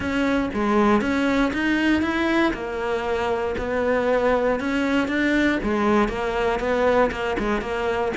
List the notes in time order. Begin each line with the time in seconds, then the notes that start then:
0.00 C#4
0.53 G#3
1.01 C#4
1.53 D#4
2.02 E4
2.53 A#3
3.58 B3
4.59 C#4
5.07 D4
5.63 G#3
6.08 A#3
6.59 B3
7.11 A#3
7.38 G#3
7.61 A#3